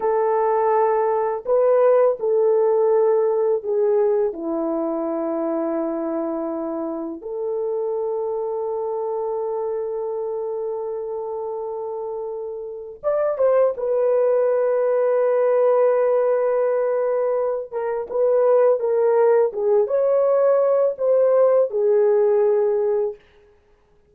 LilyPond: \new Staff \with { instrumentName = "horn" } { \time 4/4 \tempo 4 = 83 a'2 b'4 a'4~ | a'4 gis'4 e'2~ | e'2 a'2~ | a'1~ |
a'2 d''8 c''8 b'4~ | b'1~ | b'8 ais'8 b'4 ais'4 gis'8 cis''8~ | cis''4 c''4 gis'2 | }